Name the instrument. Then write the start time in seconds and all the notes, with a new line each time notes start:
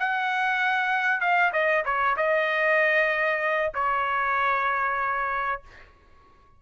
trumpet
0.00 F#5
1.21 F5
1.53 D#5
1.86 C#5
2.17 D#5
3.75 C#5